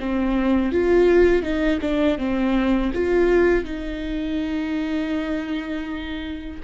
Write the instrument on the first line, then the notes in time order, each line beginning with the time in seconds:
viola
0.00 C4
0.73 F4
1.43 D#4
1.81 D4
2.18 C4
2.94 F4
3.65 D#4